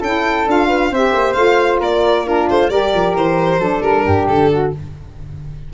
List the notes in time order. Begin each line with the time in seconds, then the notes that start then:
0.00 C#4 E4 A4 G5
0.47 D4 F4 F5
0.68 B4
0.91 C4 G4 C5 E5
1.13 A#3
1.34 A3 F4 F5
1.80 A#3 A#4 D5
2.26 D4 F4 A#4
2.50 A3 C5
2.70 G3 G4 A#4 D5
2.95 F3
3.17 E3 C5
3.59 F#3 D4 A4
3.82 G3 A#4
4.06 G2 G4
4.29 D3 A4
4.51 F#4